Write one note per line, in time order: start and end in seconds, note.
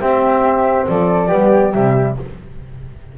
0.00 1.29 C4
0.00 0.87 C4
0.00 0.87 G4
0.00 0.86 E5
0.88 1.32 F3
0.88 1.28 A4
0.88 1.73 D5
1.28 1.75 G3
1.28 1.72 B3
1.28 2.14 G4
1.73 2.18 C3
1.73 2.18 G3
1.73 2.16 E5